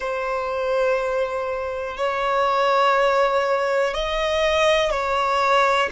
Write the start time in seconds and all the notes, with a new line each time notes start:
0.00 C5
1.97 C#5
3.93 D#5
4.90 C#5